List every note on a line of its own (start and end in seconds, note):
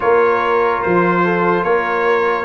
0.00 0.84 A#3
0.00 2.45 F4
0.00 1.24 A#4
0.00 0.82 C#5
0.82 1.63 F3
0.82 1.63 C5
1.24 1.64 A4
1.63 2.45 A#3
1.63 2.45 A#4
1.63 2.45 C#5